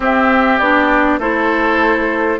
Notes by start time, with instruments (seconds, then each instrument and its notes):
0.00 clarinet C4, bassoon C4, oboe G4, flute E5
0.58 bassoon B3, clarinet D4, flute D5
1.18 bassoon A3, clarinet E4, oboe A4, flute C5